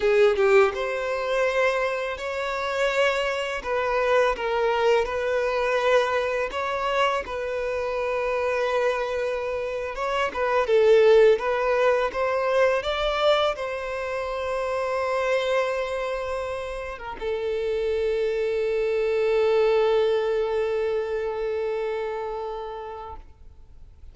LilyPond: \new Staff \with { instrumentName = "violin" } { \time 4/4 \tempo 4 = 83 gis'8 g'8 c''2 cis''4~ | cis''4 b'4 ais'4 b'4~ | b'4 cis''4 b'2~ | b'4.~ b'16 cis''8 b'8 a'4 b'16~ |
b'8. c''4 d''4 c''4~ c''16~ | c''2.~ c''8 ais'16 a'16~ | a'1~ | a'1 | }